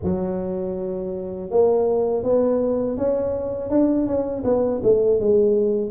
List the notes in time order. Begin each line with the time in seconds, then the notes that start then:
0.03 F#3
1.50 A#3
2.23 B3
2.97 C#4
3.70 D4
4.06 C#4
4.44 B3
4.83 A3
5.20 G#3